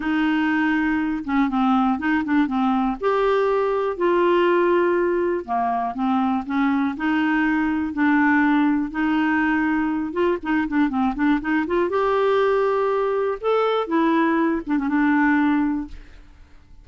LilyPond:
\new Staff \with { instrumentName = "clarinet" } { \time 4/4 \tempo 4 = 121 dis'2~ dis'8 cis'8 c'4 | dis'8 d'8 c'4 g'2 | f'2. ais4 | c'4 cis'4 dis'2 |
d'2 dis'2~ | dis'8 f'8 dis'8 d'8 c'8 d'8 dis'8 f'8 | g'2. a'4 | e'4. d'16 cis'16 d'2 | }